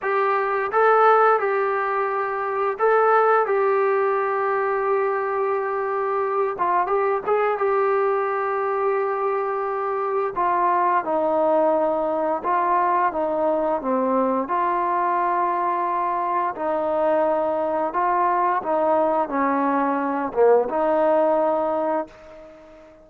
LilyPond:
\new Staff \with { instrumentName = "trombone" } { \time 4/4 \tempo 4 = 87 g'4 a'4 g'2 | a'4 g'2.~ | g'4. f'8 g'8 gis'8 g'4~ | g'2. f'4 |
dis'2 f'4 dis'4 | c'4 f'2. | dis'2 f'4 dis'4 | cis'4. ais8 dis'2 | }